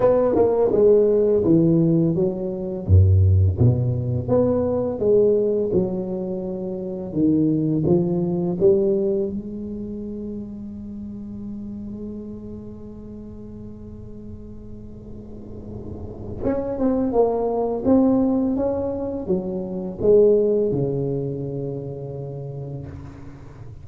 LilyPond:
\new Staff \with { instrumentName = "tuba" } { \time 4/4 \tempo 4 = 84 b8 ais8 gis4 e4 fis4 | fis,4 b,4 b4 gis4 | fis2 dis4 f4 | g4 gis2.~ |
gis1~ | gis2. cis'8 c'8 | ais4 c'4 cis'4 fis4 | gis4 cis2. | }